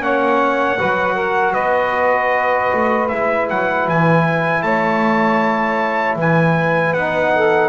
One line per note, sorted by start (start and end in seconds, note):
0.00 0.78 A#3
0.00 0.77 C#4
0.00 0.78 C#5
0.00 1.54 F#5
0.78 1.56 F#3
0.78 3.09 F#4
0.78 1.14 B4
1.14 1.53 A#4
1.53 2.71 B3
1.53 4.60 B4
1.53 3.07 D#5
2.73 3.11 A3
3.08 3.50 G#3
3.08 6.96 E4
3.08 3.47 E5
3.49 3.88 F#3
3.49 3.88 F#5
3.88 4.63 E3
3.88 4.62 G#5
4.62 6.16 A3
4.62 6.18 C#5
4.62 6.16 A5
6.16 6.93 E3
6.16 7.33 B4
6.16 6.94 G#5
6.93 7.69 B3
6.93 7.69 D#4
6.93 7.69 F#5
7.35 7.69 A4